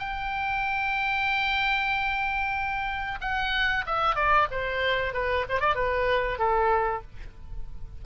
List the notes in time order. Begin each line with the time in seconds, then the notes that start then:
0.00 G5
3.21 F#5
3.87 E5
4.16 D5
4.52 C5
5.14 B4
5.50 C5
5.61 D5
5.76 B4
6.39 A4